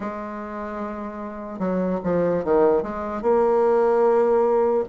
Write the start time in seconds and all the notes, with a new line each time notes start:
0.00 G#3
1.59 F#3
2.03 F3
2.44 D#3
2.82 G#3
3.22 A#3